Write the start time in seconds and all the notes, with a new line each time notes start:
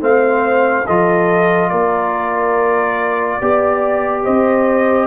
0.00 A3 C4 C5 F5
0.85 F3 F4 A4 D#5
1.70 A#3 A#4 D5
3.39 B3 G4 D5
4.24 C4 C5 D#5